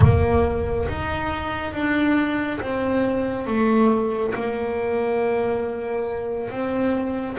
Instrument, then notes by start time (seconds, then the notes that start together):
double bass
0.00 A#3
0.89 D#4
1.73 D4
2.60 C4
3.47 A3
4.34 A#3
6.50 C4